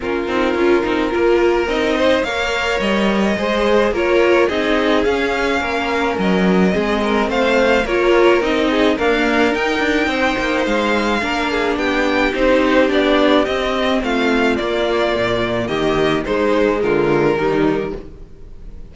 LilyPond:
<<
  \new Staff \with { instrumentName = "violin" } { \time 4/4 \tempo 4 = 107 ais'2. dis''4 | f''4 dis''2 cis''4 | dis''4 f''2 dis''4~ | dis''4 f''4 cis''4 dis''4 |
f''4 g''2 f''4~ | f''4 g''4 c''4 d''4 | dis''4 f''4 d''2 | dis''4 c''4 ais'2 | }
  \new Staff \with { instrumentName = "violin" } { \time 4/4 f'2 ais'4. c''8 | cis''2 c''4 ais'4 | gis'2 ais'2 | gis'8 ais'8 c''4 ais'4. gis'8 |
ais'2 c''2 | ais'8 gis'8 g'2.~ | g'4 f'2. | g'4 dis'4 f'4 dis'4 | }
  \new Staff \with { instrumentName = "viola" } { \time 4/4 cis'8 dis'8 f'8 dis'8 f'4 dis'4 | ais'2 gis'4 f'4 | dis'4 cis'2. | c'2 f'4 dis'4 |
ais4 dis'2. | d'2 dis'4 d'4 | c'2 ais2~ | ais4 gis2 g4 | }
  \new Staff \with { instrumentName = "cello" } { \time 4/4 ais8 c'8 cis'8 c'8 ais4 c'4 | ais4 g4 gis4 ais4 | c'4 cis'4 ais4 fis4 | gis4 a4 ais4 c'4 |
d'4 dis'8 d'8 c'8 ais8 gis4 | ais4 b4 c'4 b4 | c'4 a4 ais4 ais,4 | dis4 gis4 d4 dis4 | }
>>